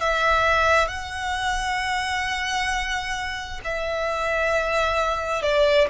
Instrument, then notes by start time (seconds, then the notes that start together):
violin
0.00 E5
0.88 F#5
3.64 E5
5.42 D5